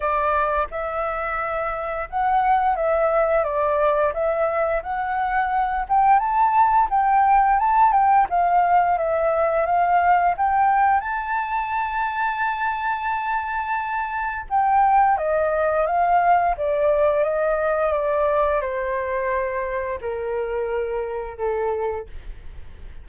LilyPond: \new Staff \with { instrumentName = "flute" } { \time 4/4 \tempo 4 = 87 d''4 e''2 fis''4 | e''4 d''4 e''4 fis''4~ | fis''8 g''8 a''4 g''4 a''8 g''8 | f''4 e''4 f''4 g''4 |
a''1~ | a''4 g''4 dis''4 f''4 | d''4 dis''4 d''4 c''4~ | c''4 ais'2 a'4 | }